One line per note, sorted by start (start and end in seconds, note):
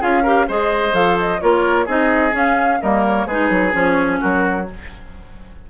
0.00 0.48 C#4
0.00 0.23 F4
0.00 0.23 G#4
0.00 0.49 F5
0.23 0.48 G4
0.23 0.46 A#4
0.48 0.93 G#3
0.48 0.92 G#4
0.48 1.41 C5
0.48 0.95 D#5
0.92 1.39 F3
0.92 1.39 A4
0.92 1.18 F5
1.19 1.41 D#5
1.41 1.87 A#3
1.41 1.87 F4
1.41 1.86 A#4
1.41 1.87 C#5
1.86 2.33 C4
1.86 2.32 D#4
1.86 2.79 G#4
1.86 2.35 D#5
2.32 2.78 C#4
2.32 2.79 C#4
2.32 2.82 F5
2.82 3.26 G3
2.82 3.29 A#3
2.82 3.27 A#4
2.82 3.05 D#5
3.07 3.27 C#5
3.26 3.49 G#3
3.26 3.73 D#4
3.26 4.20 G#4
3.26 3.74 B4
3.49 3.73 F#3
3.73 4.21 F3
3.73 4.66 C#4
3.73 4.20 C#5
4.20 4.70 F#3
4.20 4.67 F#4
4.20 4.67 A#4